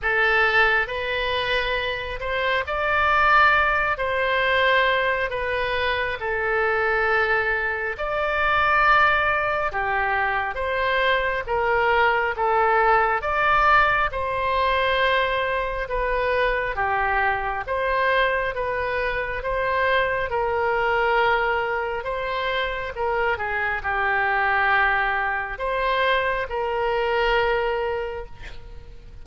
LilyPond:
\new Staff \with { instrumentName = "oboe" } { \time 4/4 \tempo 4 = 68 a'4 b'4. c''8 d''4~ | d''8 c''4. b'4 a'4~ | a'4 d''2 g'4 | c''4 ais'4 a'4 d''4 |
c''2 b'4 g'4 | c''4 b'4 c''4 ais'4~ | ais'4 c''4 ais'8 gis'8 g'4~ | g'4 c''4 ais'2 | }